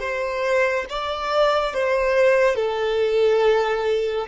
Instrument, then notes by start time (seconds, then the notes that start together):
violin
0.00 C5
0.90 D5
1.74 C5
2.56 A4